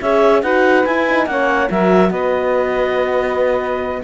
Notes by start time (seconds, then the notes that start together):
0.00 C#4 G#4 C#5 E5
0.42 D#4 F#4 B4 F#5
0.85 E4 G#5
1.09 D#4
1.26 A#3 C#4 C#5 F#5
1.69 F#3 F#4 A#4 E5
2.10 B3 B4 D#5